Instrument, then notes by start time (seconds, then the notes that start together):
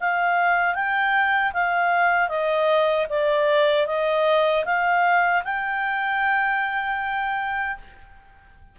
clarinet
0.00 F5
0.74 G5
1.53 F5
2.28 D#5
3.09 D5
3.86 D#5
4.65 F5
5.44 G5